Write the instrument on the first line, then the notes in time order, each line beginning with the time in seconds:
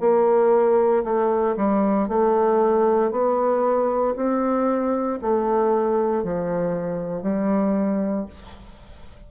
bassoon
0.00 A#3
1.04 A3
1.56 G3
2.08 A3
3.11 B3
4.16 C4
5.21 A3
6.24 F3
7.22 G3